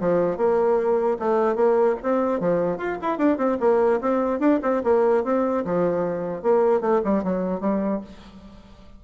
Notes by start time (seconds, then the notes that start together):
0.00 F3
0.37 A#3
1.19 A3
1.55 A#3
2.03 C4
2.40 F3
2.77 F4
3.02 E4
3.18 D4
3.38 C4
3.60 A#3
4.01 C4
4.40 D4
4.63 C4
4.84 A#3
5.24 C4
5.65 F3
6.43 A#3
6.81 A3
7.05 G3
7.24 F#3
7.60 G3